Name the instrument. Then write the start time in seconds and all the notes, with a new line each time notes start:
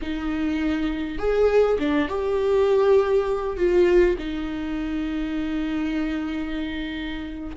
viola
0.01 D#4
1.18 G#4
1.78 D4
2.08 G4
3.56 F4
4.18 D#4